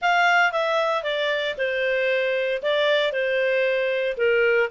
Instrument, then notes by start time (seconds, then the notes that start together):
clarinet
0.01 F5
0.51 E5
1.03 D5
1.57 C5
2.62 D5
3.12 C5
4.17 A#4